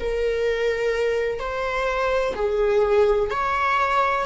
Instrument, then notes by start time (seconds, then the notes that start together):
viola
0.00 A#4
1.39 C5
2.35 G#4
3.31 C#5